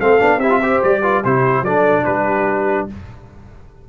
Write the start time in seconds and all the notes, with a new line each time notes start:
0.00 A3 C4 A4 F5
0.19 B3 D4
0.38 C4 E4 G4 E5
0.50 F4
0.60 G4 C5
0.83 G3 D5
1.02 F4 B4
1.24 C3 E4 G4 C5
1.62 F#3 D4 A4 D5
2.04 G3 G4 B4